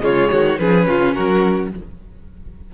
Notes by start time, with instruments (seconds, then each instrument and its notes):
0.00 cello C#3, viola G#3, violin F4 C#5
0.31 cello D#3, violin F#4
0.58 cello F3, viola C#4, violin G#4 B4
0.87 cello C#3, violin F4
1.13 cello F#3, violin F#4 A#4